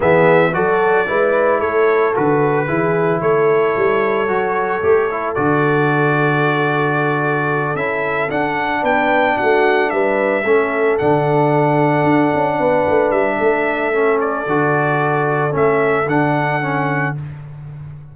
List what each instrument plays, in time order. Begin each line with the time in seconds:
0.00 tuba E3, trombone B3, horn G#4, trumpet E5
0.53 tuba F#3, trombone F#4, horn A4, trumpet D5
1.06 tuba G#3, trombone E4, horn B4
1.59 tuba A3, horn A4, trumpet C#5
2.14 tuba D3, trombone F#4, trumpet B4
2.67 tuba E3, trombone E4, horn G#4
3.21 tuba A3, horn A4, trumpet C#5
3.76 tuba G3
4.28 tuba F#3, trombone F#4
4.82 tuba A3, trombone G4
5.11 trombone E4
5.34 tuba D3, trombone F#4, trumpet D5
7.75 tuba C#4, trombone E4, trumpet E5
8.29 trombone D4, tuba D4, trumpet F#5
8.81 tuba B3, horn B4, trumpet G5
9.36 tuba A3, horn F#4, trumpet F#5
9.90 tuba G3, horn B4, trumpet E5
10.44 tuba A3, trombone C#4, horn A4
10.98 tuba D3, trombone D4, trumpet F#5
12.03 tuba D4
12.34 tuba C#4
12.58 tuba B3, horn B4
12.88 tuba A3
13.11 tuba G3, trumpet E5
13.37 tuba A3, horn A4
13.93 trombone C#4
14.20 trumpet D5
14.46 tuba D3, trombone F#4
15.50 tuba A3, trombone C#4, trumpet E5
16.06 tuba D3, trombone D4, trumpet F#5
16.61 trombone C#4